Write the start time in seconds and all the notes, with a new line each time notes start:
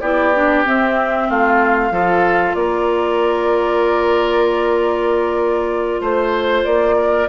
0.00 B3 E4 G4 D5
0.34 D4
0.65 C4 E5
1.29 A3 F4 F5
1.91 F3 F4 A4
2.54 A#3 A#4 D5
6.00 A3 C5
6.65 A#3 D5
6.96 A#4